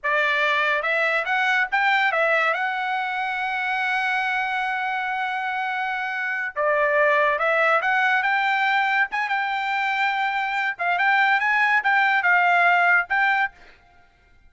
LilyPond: \new Staff \with { instrumentName = "trumpet" } { \time 4/4 \tempo 4 = 142 d''2 e''4 fis''4 | g''4 e''4 fis''2~ | fis''1~ | fis''2.~ fis''8 d''8~ |
d''4. e''4 fis''4 g''8~ | g''4. gis''8 g''2~ | g''4. f''8 g''4 gis''4 | g''4 f''2 g''4 | }